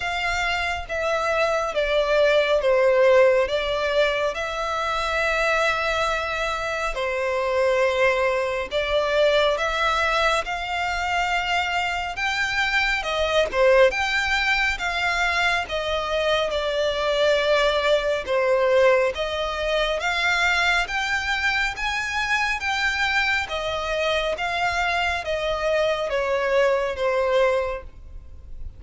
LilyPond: \new Staff \with { instrumentName = "violin" } { \time 4/4 \tempo 4 = 69 f''4 e''4 d''4 c''4 | d''4 e''2. | c''2 d''4 e''4 | f''2 g''4 dis''8 c''8 |
g''4 f''4 dis''4 d''4~ | d''4 c''4 dis''4 f''4 | g''4 gis''4 g''4 dis''4 | f''4 dis''4 cis''4 c''4 | }